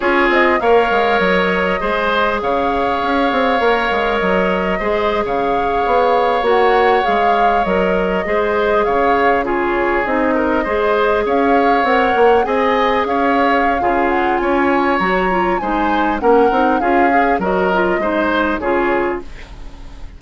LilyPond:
<<
  \new Staff \with { instrumentName = "flute" } { \time 4/4 \tempo 4 = 100 cis''8 dis''8 f''4 dis''2 | f''2. dis''4~ | dis''8. f''2 fis''4 f''16~ | f''8. dis''2 f''4 cis''16~ |
cis''8. dis''2 f''4 fis''16~ | fis''8. gis''4 f''4.~ f''16 fis''8 | gis''4 ais''4 gis''4 fis''4 | f''4 dis''2 cis''4 | }
  \new Staff \with { instrumentName = "oboe" } { \time 4/4 gis'4 cis''2 c''4 | cis''1 | c''8. cis''2.~ cis''16~ | cis''4.~ cis''16 c''4 cis''4 gis'16~ |
gis'4~ gis'16 ais'8 c''4 cis''4~ cis''16~ | cis''8. dis''4 cis''4~ cis''16 gis'4 | cis''2 c''4 ais'4 | gis'4 ais'4 c''4 gis'4 | }
  \new Staff \with { instrumentName = "clarinet" } { \time 4/4 f'4 ais'2 gis'4~ | gis'2 ais'2 | gis'2~ gis'8. fis'4 gis'16~ | gis'8. ais'4 gis'2 f'16~ |
f'8. dis'4 gis'2 ais'16~ | ais'8. gis'2~ gis'16 f'4~ | f'4 fis'8 f'8 dis'4 cis'8 dis'8 | f'8 gis'8 fis'8 f'8 dis'4 f'4 | }
  \new Staff \with { instrumentName = "bassoon" } { \time 4/4 cis'8 c'8 ais8 gis8 fis4 gis4 | cis4 cis'8 c'8 ais8 gis8 fis4 | gis8. cis4 b4 ais4 gis16~ | gis8. fis4 gis4 cis4~ cis16~ |
cis8. c'4 gis4 cis'4 c'16~ | c'16 ais8 c'4 cis'4~ cis'16 cis4 | cis'4 fis4 gis4 ais8 c'8 | cis'4 fis4 gis4 cis4 | }
>>